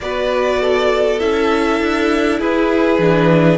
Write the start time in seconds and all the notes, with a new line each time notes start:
0.01 B3 F#4 B4 D5
0.61 A4
1.19 C#4 E4 E5
1.80 D4
2.39 E4 G#4 B4
2.98 E3 D4